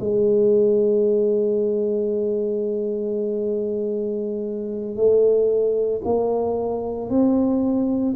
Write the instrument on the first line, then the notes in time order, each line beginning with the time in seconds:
tuba
0.00 G#3
4.96 A3
6.04 A#3
7.10 C4